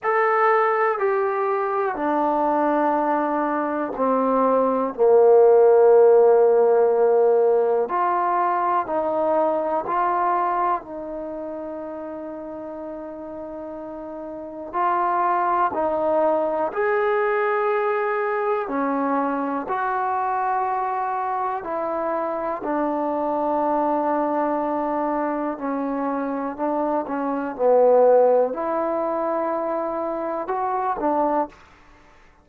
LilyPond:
\new Staff \with { instrumentName = "trombone" } { \time 4/4 \tempo 4 = 61 a'4 g'4 d'2 | c'4 ais2. | f'4 dis'4 f'4 dis'4~ | dis'2. f'4 |
dis'4 gis'2 cis'4 | fis'2 e'4 d'4~ | d'2 cis'4 d'8 cis'8 | b4 e'2 fis'8 d'8 | }